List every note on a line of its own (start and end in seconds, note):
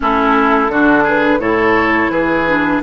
0.00 0.69 A3
0.00 0.69 C#4
0.00 0.71 E4
0.00 1.07 A4
0.69 1.39 D3
0.69 1.39 D4
0.69 1.03 F#4
1.03 1.39 G#4
1.03 1.40 B4
1.39 2.09 A2
1.39 2.45 E4
1.39 2.11 A4
1.39 2.10 C#5
2.10 2.81 E3
2.10 2.82 G#4
2.10 2.81 B4
2.47 2.82 D4